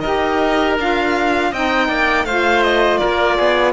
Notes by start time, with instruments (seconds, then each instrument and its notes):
0.00 cello D#4, saxophone G4, oboe A#4, violin D#5
0.78 cello D4, saxophone F4, violin F5
1.50 cello C4, saxophone D#4, oboe D#5, violin G5
1.88 cello A#3, oboe D5
2.24 cello A3, saxophone F4, oboe C5, violin F5
2.62 violin D#5
2.97 oboe A#4, violin D5
3.03 cello A#3
3.36 cello B3, oboe G#4